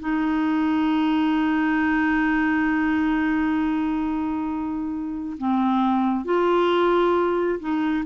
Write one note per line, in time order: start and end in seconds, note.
0.00 5.37 D#4
5.38 6.25 C4
6.25 7.59 F4
7.60 8.04 D#4